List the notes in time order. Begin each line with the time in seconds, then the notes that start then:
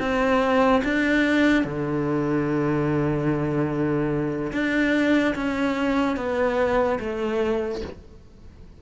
0.00 C4
0.84 D4
1.65 D3
4.53 D4
5.35 C#4
6.17 B3
7.00 A3